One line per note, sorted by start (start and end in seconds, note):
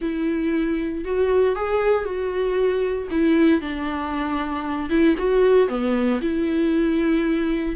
0.01 1.04 E4
1.05 1.55 F#4
1.55 2.04 G#4
2.04 3.08 F#4
3.10 3.61 E4
3.61 4.89 D4
4.89 5.15 E4
5.17 5.68 F#4
5.68 6.20 B3
6.21 7.75 E4